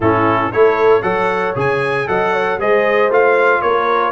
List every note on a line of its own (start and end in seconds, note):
0.00 0.51 A2
0.00 0.52 C#4
0.00 0.52 E4
0.00 0.52 A4
0.52 1.02 A3
0.52 1.02 E4
0.52 1.03 A4
0.52 1.02 C#5
1.02 1.54 F#3
1.02 1.54 A4
1.02 2.06 C#5
1.02 1.54 F#5
1.55 2.07 C#3
1.55 2.07 G#4
1.55 2.08 G#5
2.07 2.57 F#3
2.07 2.58 A4
2.07 2.32 D#5
2.07 2.59 F#5
2.32 2.58 C#5
2.57 3.09 G#3
2.57 3.11 G#4
2.57 3.61 C5
2.57 3.12 D#5
3.09 3.61 A3
3.09 4.11 F4
3.09 3.61 F5
3.61 4.11 A#3
3.61 4.11 A#4
3.61 4.11 C#5